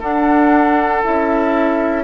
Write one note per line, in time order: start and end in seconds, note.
0.00 1.03 D4
0.00 1.04 D4
0.00 2.03 A4
0.00 1.04 F#5
1.04 2.04 C#4
1.04 2.04 E4
1.04 2.04 E5